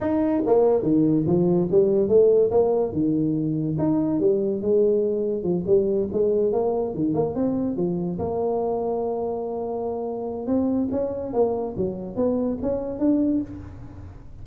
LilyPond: \new Staff \with { instrumentName = "tuba" } { \time 4/4 \tempo 4 = 143 dis'4 ais4 dis4 f4 | g4 a4 ais4 dis4~ | dis4 dis'4 g4 gis4~ | gis4 f8 g4 gis4 ais8~ |
ais8 dis8 ais8 c'4 f4 ais8~ | ais1~ | ais4 c'4 cis'4 ais4 | fis4 b4 cis'4 d'4 | }